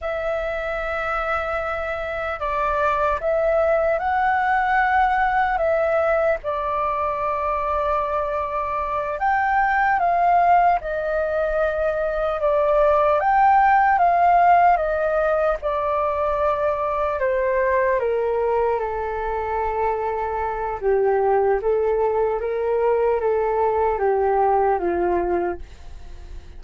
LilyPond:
\new Staff \with { instrumentName = "flute" } { \time 4/4 \tempo 4 = 75 e''2. d''4 | e''4 fis''2 e''4 | d''2.~ d''8 g''8~ | g''8 f''4 dis''2 d''8~ |
d''8 g''4 f''4 dis''4 d''8~ | d''4. c''4 ais'4 a'8~ | a'2 g'4 a'4 | ais'4 a'4 g'4 f'4 | }